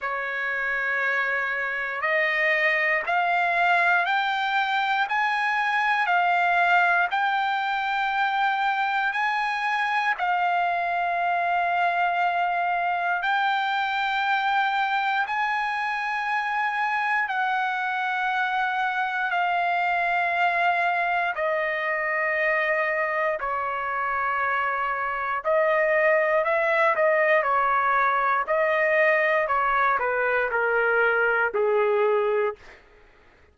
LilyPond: \new Staff \with { instrumentName = "trumpet" } { \time 4/4 \tempo 4 = 59 cis''2 dis''4 f''4 | g''4 gis''4 f''4 g''4~ | g''4 gis''4 f''2~ | f''4 g''2 gis''4~ |
gis''4 fis''2 f''4~ | f''4 dis''2 cis''4~ | cis''4 dis''4 e''8 dis''8 cis''4 | dis''4 cis''8 b'8 ais'4 gis'4 | }